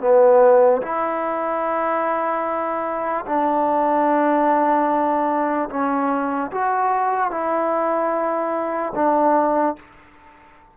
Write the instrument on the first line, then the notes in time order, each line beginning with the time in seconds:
trombone
0.00 B3
0.82 E4
3.26 D4
5.69 C#4
6.51 F#4
7.31 E4
8.95 D4